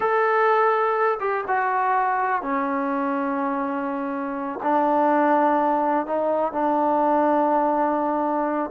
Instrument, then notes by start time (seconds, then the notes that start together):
trombone
0.00 A4
1.20 G4
1.47 F#4
2.41 C#4
4.63 D4
6.06 D#4
6.52 D4